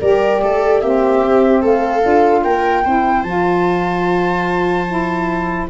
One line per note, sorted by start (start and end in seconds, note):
0.00 0.42 G3
0.00 0.82 G4
0.00 0.42 A#4
0.00 0.81 D5
0.42 0.82 A3
0.42 0.81 A4
0.81 1.22 A#3
0.81 2.02 C4
0.81 1.62 G4
0.81 1.62 E5
1.22 1.62 C4
1.62 2.04 A3
1.62 2.43 A4
1.62 2.44 F5
2.02 2.45 D4
2.02 2.83 F4
2.44 2.85 A#3
2.44 2.84 A#4
2.44 3.23 G5
2.84 3.23 C4
2.84 3.26 E4
2.84 5.68 C5
3.23 5.67 F3
3.23 4.87 F4
3.23 5.66 A5
4.87 5.68 E4